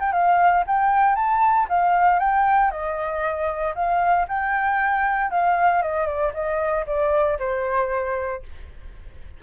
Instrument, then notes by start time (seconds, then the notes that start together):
flute
0.00 G5
0.13 F5
0.67 G5
1.16 A5
1.70 F5
2.20 G5
2.71 D#5
3.75 F5
4.29 G5
5.31 F5
5.82 D#5
6.07 D5
6.34 D#5
6.87 D5
7.39 C5